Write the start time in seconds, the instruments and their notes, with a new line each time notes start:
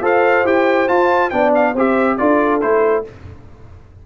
0.00 tuba F4, trombone A4, horn C5, trumpet F5
0.44 tuba E4, trombone G4, trumpet G5
0.87 trombone F4, tuba F4, trumpet A5
1.29 tuba B3, trombone D4, horn D5, trumpet G5
1.54 trumpet F5
1.73 tuba C4, trombone G4, horn C5, trumpet E5
2.17 tuba D4, trombone F4, horn A4, trumpet D5
2.61 tuba A3, trombone E4, trumpet C5